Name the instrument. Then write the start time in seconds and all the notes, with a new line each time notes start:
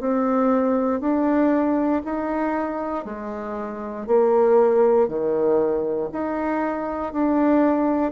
bassoon
0.00 C4
1.00 D4
2.04 D#4
3.05 G#3
4.07 A#3
5.08 D#3
6.12 D#4
7.13 D4